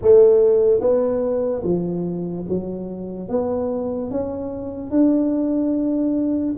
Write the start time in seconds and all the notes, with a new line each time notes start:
0.01 A3
0.80 B3
1.63 F3
2.48 F#3
3.28 B3
4.11 C#4
4.91 D4